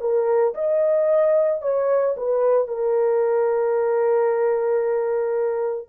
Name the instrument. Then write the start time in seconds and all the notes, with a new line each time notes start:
horn
0.00 A#4
0.54 D#5
1.62 C#5
2.17 B4
2.67 A#4